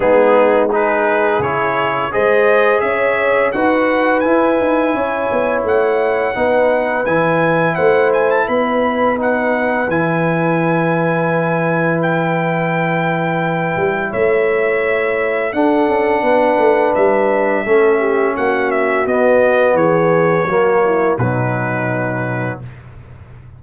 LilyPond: <<
  \new Staff \with { instrumentName = "trumpet" } { \time 4/4 \tempo 4 = 85 gis'4 b'4 cis''4 dis''4 | e''4 fis''4 gis''2 | fis''2 gis''4 fis''8 gis''16 a''16 | b''4 fis''4 gis''2~ |
gis''4 g''2. | e''2 fis''2 | e''2 fis''8 e''8 dis''4 | cis''2 b'2 | }
  \new Staff \with { instrumentName = "horn" } { \time 4/4 dis'4 gis'2 c''4 | cis''4 b'2 cis''4~ | cis''4 b'2 c''4 | b'1~ |
b'1 | cis''2 a'4 b'4~ | b'4 a'8 g'8 fis'2 | gis'4 fis'8 e'8 dis'2 | }
  \new Staff \with { instrumentName = "trombone" } { \time 4/4 b4 dis'4 e'4 gis'4~ | gis'4 fis'4 e'2~ | e'4 dis'4 e'2~ | e'4 dis'4 e'2~ |
e'1~ | e'2 d'2~ | d'4 cis'2 b4~ | b4 ais4 fis2 | }
  \new Staff \with { instrumentName = "tuba" } { \time 4/4 gis2 cis4 gis4 | cis'4 dis'4 e'8 dis'8 cis'8 b8 | a4 b4 e4 a4 | b2 e2~ |
e2.~ e8 g8 | a2 d'8 cis'8 b8 a8 | g4 a4 ais4 b4 | e4 fis4 b,2 | }
>>